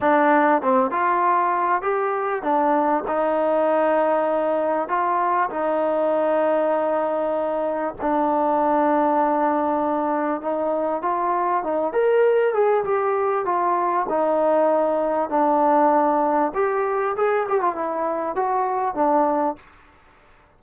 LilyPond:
\new Staff \with { instrumentName = "trombone" } { \time 4/4 \tempo 4 = 98 d'4 c'8 f'4. g'4 | d'4 dis'2. | f'4 dis'2.~ | dis'4 d'2.~ |
d'4 dis'4 f'4 dis'8 ais'8~ | ais'8 gis'8 g'4 f'4 dis'4~ | dis'4 d'2 g'4 | gis'8 g'16 f'16 e'4 fis'4 d'4 | }